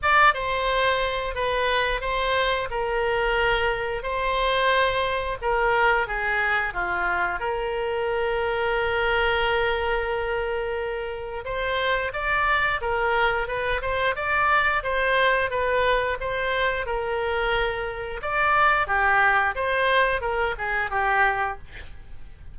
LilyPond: \new Staff \with { instrumentName = "oboe" } { \time 4/4 \tempo 4 = 89 d''8 c''4. b'4 c''4 | ais'2 c''2 | ais'4 gis'4 f'4 ais'4~ | ais'1~ |
ais'4 c''4 d''4 ais'4 | b'8 c''8 d''4 c''4 b'4 | c''4 ais'2 d''4 | g'4 c''4 ais'8 gis'8 g'4 | }